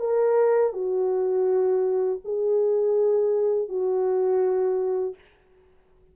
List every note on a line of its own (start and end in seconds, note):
0.00 0.73 A#4
0.73 2.20 F#4
2.25 3.69 G#4
3.69 5.15 F#4